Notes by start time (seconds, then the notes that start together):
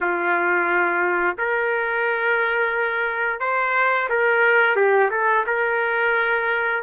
0.01 F4
1.38 A#4
3.40 C5
4.09 A#4
4.75 G4
5.10 A4
5.46 A#4